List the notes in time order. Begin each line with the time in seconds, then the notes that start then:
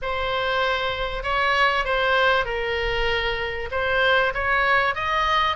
0.01 C5
1.23 C#5
1.84 C5
2.45 A#4
3.71 C5
4.34 C#5
4.95 D#5